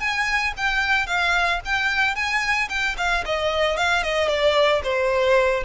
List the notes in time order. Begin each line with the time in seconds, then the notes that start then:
0.00 G#5
0.57 G5
1.07 F5
1.65 G5
2.15 G#5
2.69 G5
2.98 F5
3.26 D#5
3.77 F5
4.03 D#5
4.28 D5
4.84 C5